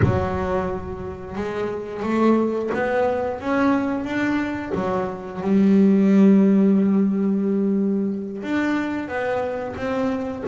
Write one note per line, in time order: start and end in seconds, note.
0.02 1.35 F#3
1.35 2.03 G#3
2.03 2.70 A3
2.74 3.40 B3
3.40 4.04 C#4
4.04 4.72 D4
4.74 5.41 F#3
5.41 8.42 G3
8.42 9.08 D4
9.08 9.75 B3
9.76 10.43 C4